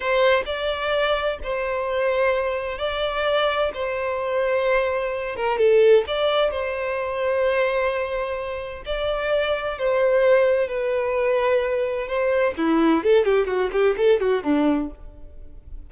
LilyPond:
\new Staff \with { instrumentName = "violin" } { \time 4/4 \tempo 4 = 129 c''4 d''2 c''4~ | c''2 d''2 | c''2.~ c''8 ais'8 | a'4 d''4 c''2~ |
c''2. d''4~ | d''4 c''2 b'4~ | b'2 c''4 e'4 | a'8 g'8 fis'8 g'8 a'8 fis'8 d'4 | }